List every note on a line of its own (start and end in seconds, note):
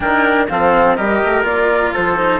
0.00 0.49 D#3
0.00 0.48 D4
0.00 0.49 A#4
0.00 0.46 G5
0.48 0.98 F3
0.48 0.97 C4
0.48 0.97 A4
0.48 0.95 F5
0.95 1.22 G3
0.95 1.43 G4
0.95 1.93 A#4
0.95 1.44 D#5
1.24 1.43 A3
1.43 1.91 A#3
1.43 2.16 F4
1.43 1.93 D5
1.93 2.40 F3
1.93 2.40 A4
1.93 2.40 C5
2.16 2.40 D#4